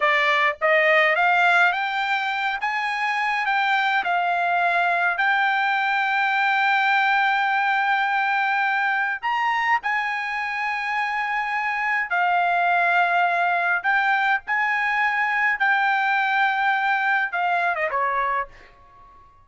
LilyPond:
\new Staff \with { instrumentName = "trumpet" } { \time 4/4 \tempo 4 = 104 d''4 dis''4 f''4 g''4~ | g''8 gis''4. g''4 f''4~ | f''4 g''2.~ | g''1 |
ais''4 gis''2.~ | gis''4 f''2. | g''4 gis''2 g''4~ | g''2 f''8. dis''16 cis''4 | }